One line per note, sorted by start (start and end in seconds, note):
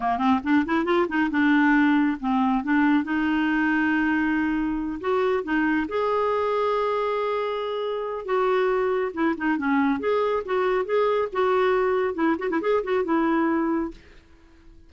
0.00 0.17 A#3
0.17 0.39 C4
0.43 0.65 D4
0.65 0.85 E4
0.85 1.06 F4
1.08 1.30 D#4
1.30 2.17 D4
2.20 2.63 C4
2.63 3.04 D4
3.04 4.99 D#4
5.00 5.43 F#4
5.43 5.87 D#4
5.88 8.25 G#4
8.25 9.12 F#4
9.13 9.35 E4
9.37 9.57 D#4
9.57 9.99 C#4
9.99 10.43 G#4
10.45 10.85 F#4
10.85 11.28 G#4
11.32 12.14 F#4
12.14 12.36 E4
12.39 12.49 F#4
12.49 12.60 E4
12.61 12.83 G#4
12.83 13.04 F#4
13.04 13.91 E4